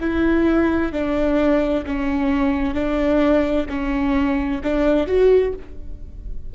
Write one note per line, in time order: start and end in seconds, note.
0.00 0.92 E4
0.92 1.84 D4
1.86 2.74 C#4
2.74 3.66 D4
3.69 4.61 C#4
4.63 5.07 D4
5.07 5.53 F#4